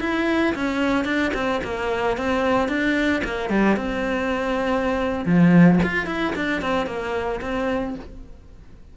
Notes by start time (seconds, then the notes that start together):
0.00 E4
0.55 C#4
1.05 D4
1.34 C4
1.64 A#3
2.17 C4
2.68 D4
3.24 A#3
3.49 G3
3.76 C4
5.26 F3
5.83 F4
6.06 E4
6.36 D4
6.62 C4
6.86 A#3
7.41 C4